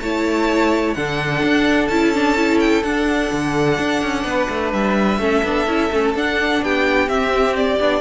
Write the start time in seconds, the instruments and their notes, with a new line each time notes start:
0.00 cello A3, viola E4, violin C#5 A5
0.93 cello D3, viola D4, violin A4 F#5
1.43 cello D4
1.87 cello C#4, viola E4, violin A5
2.13 viola D4
2.36 viola E4
2.59 violin G5
2.83 cello D4, viola D4, violin F#5
3.31 cello D3
3.78 cello D4
4.02 cello C#4
4.24 cello B3, violin B4
4.49 cello A3
4.72 cello G3, violin E5
5.18 cello A3, viola C#4, violin A4
5.43 cello B3, viola D4
5.67 cello C#4, viola E4
5.92 cello A3, viola C#4
6.14 cello D4, viola D4, violin F#5
6.62 cello B3, violin G4 G5
7.08 cello C4, viola C4, violin E5
7.56 violin D5
7.79 cello B3, viola D4